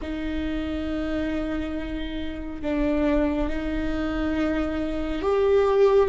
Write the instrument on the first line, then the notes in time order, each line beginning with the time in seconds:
viola
0.01 D#4
2.62 D4
3.49 D#4
5.22 G4